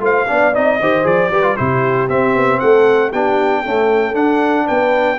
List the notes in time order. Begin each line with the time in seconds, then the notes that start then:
0.00 A3 F4 C5 F5
0.27 B3 D4 D5
0.54 C4 D#4 D#5
0.80 D#3 G4 C5
1.04 F3 G#4 D5
1.31 G3 G4 B4
1.43 F4
1.57 C3 E4 G4 C5
2.09 C4 E5
2.35 B3
2.60 A3 A4 F#5
3.10 B3 D4 G4 G5
3.62 A3 C#4 A4
4.14 D4 F#5
4.66 B3 B4 G5